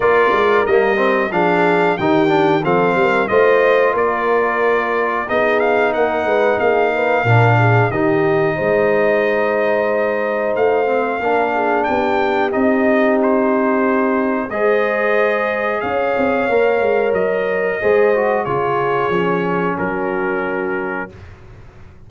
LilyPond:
<<
  \new Staff \with { instrumentName = "trumpet" } { \time 4/4 \tempo 4 = 91 d''4 dis''4 f''4 g''4 | f''4 dis''4 d''2 | dis''8 f''8 fis''4 f''2 | dis''1 |
f''2 g''4 dis''4 | c''2 dis''2 | f''2 dis''2 | cis''2 ais'2 | }
  \new Staff \with { instrumentName = "horn" } { \time 4/4 ais'2 gis'4 g'4 | a'8 ais'8 c''4 ais'2 | gis'4 ais'8 b'8 gis'8 b'8 ais'8 gis'8 | g'4 c''2.~ |
c''4 ais'8 gis'8 g'2~ | g'2 c''2 | cis''2. c''4 | gis'2 fis'2 | }
  \new Staff \with { instrumentName = "trombone" } { \time 4/4 f'4 ais8 c'8 d'4 dis'8 d'8 | c'4 f'2. | dis'2. d'4 | dis'1~ |
dis'8 c'8 d'2 dis'4~ | dis'2 gis'2~ | gis'4 ais'2 gis'8 fis'8 | f'4 cis'2. | }
  \new Staff \with { instrumentName = "tuba" } { \time 4/4 ais8 gis8 g4 f4 dis4 | f8 g8 a4 ais2 | b4 ais8 gis8 ais4 ais,4 | dis4 gis2. |
a4 ais4 b4 c'4~ | c'2 gis2 | cis'8 c'8 ais8 gis8 fis4 gis4 | cis4 f4 fis2 | }
>>